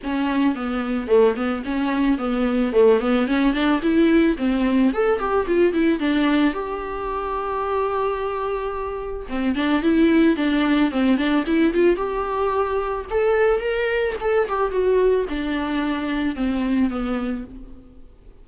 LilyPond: \new Staff \with { instrumentName = "viola" } { \time 4/4 \tempo 4 = 110 cis'4 b4 a8 b8 cis'4 | b4 a8 b8 cis'8 d'8 e'4 | c'4 a'8 g'8 f'8 e'8 d'4 | g'1~ |
g'4 c'8 d'8 e'4 d'4 | c'8 d'8 e'8 f'8 g'2 | a'4 ais'4 a'8 g'8 fis'4 | d'2 c'4 b4 | }